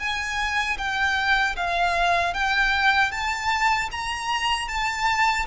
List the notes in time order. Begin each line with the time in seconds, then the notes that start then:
0.00 G#5
0.78 G5
1.57 F5
2.34 G5
3.12 A5
3.92 A#5
4.69 A5